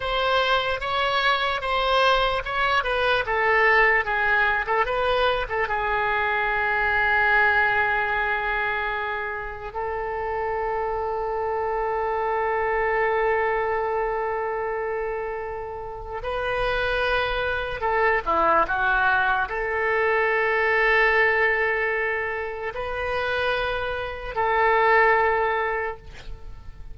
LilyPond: \new Staff \with { instrumentName = "oboe" } { \time 4/4 \tempo 4 = 74 c''4 cis''4 c''4 cis''8 b'8 | a'4 gis'8. a'16 b'8. a'16 gis'4~ | gis'1 | a'1~ |
a'1 | b'2 a'8 e'8 fis'4 | a'1 | b'2 a'2 | }